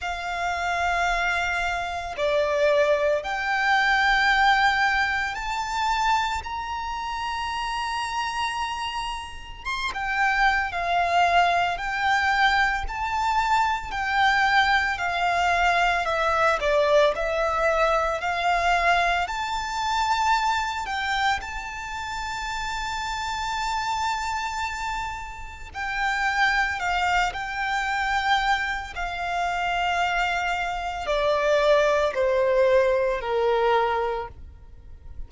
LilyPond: \new Staff \with { instrumentName = "violin" } { \time 4/4 \tempo 4 = 56 f''2 d''4 g''4~ | g''4 a''4 ais''2~ | ais''4 c'''16 g''8. f''4 g''4 | a''4 g''4 f''4 e''8 d''8 |
e''4 f''4 a''4. g''8 | a''1 | g''4 f''8 g''4. f''4~ | f''4 d''4 c''4 ais'4 | }